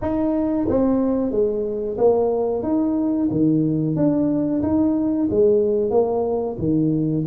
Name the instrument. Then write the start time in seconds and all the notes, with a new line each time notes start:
tuba
0.01 D#4
0.68 C4
1.31 G#3
1.98 A#3
2.62 D#4
3.30 D#3
3.96 D4
4.62 D#4
5.30 G#3
5.90 A#3
6.58 D#3